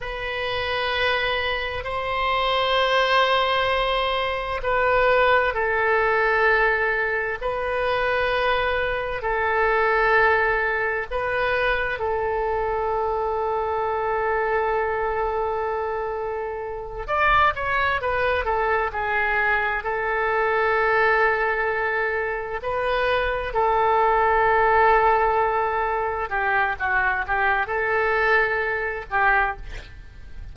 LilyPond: \new Staff \with { instrumentName = "oboe" } { \time 4/4 \tempo 4 = 65 b'2 c''2~ | c''4 b'4 a'2 | b'2 a'2 | b'4 a'2.~ |
a'2~ a'8 d''8 cis''8 b'8 | a'8 gis'4 a'2~ a'8~ | a'8 b'4 a'2~ a'8~ | a'8 g'8 fis'8 g'8 a'4. g'8 | }